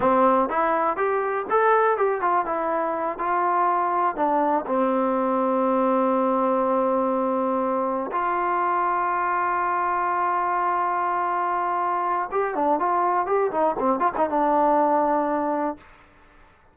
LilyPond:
\new Staff \with { instrumentName = "trombone" } { \time 4/4 \tempo 4 = 122 c'4 e'4 g'4 a'4 | g'8 f'8 e'4. f'4.~ | f'8 d'4 c'2~ c'8~ | c'1~ |
c'8 f'2.~ f'8~ | f'1~ | f'4 g'8 d'8 f'4 g'8 dis'8 | c'8 f'16 dis'16 d'2. | }